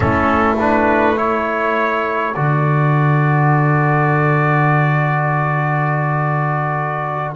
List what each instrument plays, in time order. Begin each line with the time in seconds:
0.00 double bass A3, trombone C#4, horn E4, trumpet A4
0.59 trombone D4, trumpet B4
1.16 trombone E4, horn A4, trumpet C#5
2.34 double bass D3, trombone F#4, trumpet D5